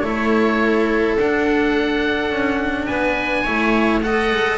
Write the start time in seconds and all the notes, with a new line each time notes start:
0.00 A3 E4 A4 C#5
1.17 D4 F#5
2.31 C#4
2.86 B3 B4 G#5
3.44 A3 E4 C#5
4.03 A4 D#5 F#5
4.33 G#3